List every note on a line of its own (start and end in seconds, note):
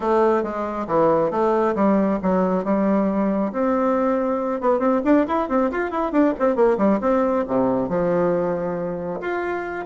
0.00 0.43 A3
0.43 0.86 G#3
0.87 1.31 E3
1.31 1.74 A3
1.75 2.19 G3
2.22 2.64 F#3
2.64 3.52 G3
3.52 4.60 C4
4.60 4.79 B3
4.79 5.01 C4
5.04 5.26 D4
5.27 5.48 E4
5.48 5.70 C4
5.71 5.90 F4
5.90 6.11 E4
6.11 6.33 D4
6.39 6.55 C4
6.55 6.77 A#3
6.77 6.99 G3
7.01 7.44 C4
7.47 7.88 C3
7.88 9.20 F3
9.20 9.85 F4